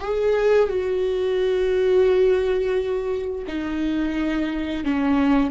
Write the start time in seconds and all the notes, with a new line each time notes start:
0.00 G#4
0.69 F#4
3.47 D#4
4.84 C#4